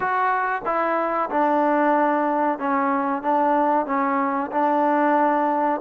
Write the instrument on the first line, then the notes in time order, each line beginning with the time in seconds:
trombone
0.00 F#4
0.65 E4
1.29 D4
2.58 C#4
3.22 D4
3.86 C#4
4.51 D4